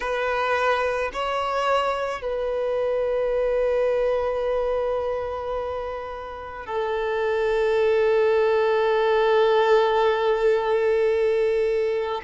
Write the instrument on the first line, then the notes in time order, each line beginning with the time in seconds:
violin
0.00 B4
1.13 C#5
2.21 B4
6.66 A4